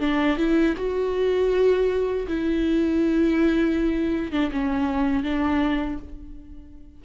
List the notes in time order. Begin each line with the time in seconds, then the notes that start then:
0.00 D4
0.37 E4
0.77 F#4
2.27 E4
4.32 D4
4.51 C#4
5.23 D4